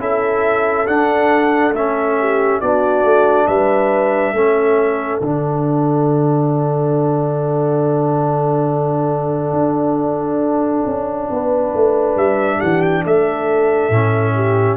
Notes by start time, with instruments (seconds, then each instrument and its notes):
0.00 tuba C#4, trombone E4, horn A4, trumpet E5
0.87 trombone D4, tuba D4, trumpet F#5
1.73 tuba A3, trombone C#4, trumpet E5
2.20 horn G4
2.61 tuba B3, trombone D4, horn F#4, trumpet D5
3.04 tuba A3
3.47 tuba G3, horn B4, trumpet E5
4.33 tuba A3, trombone C#4, horn A4
5.20 tuba D3, trombone D4, trumpet F#5
9.53 tuba D4
10.86 tuba C#4
11.30 tuba B3, horn B4
11.74 tuba A3
12.16 tuba G3, trumpet E5
12.58 tuba E3, horn G4, trumpet F#5
12.82 trumpet G5
13.05 tuba A3, horn A4, trumpet E5
13.90 tuba A2, trombone C#4
14.35 horn G4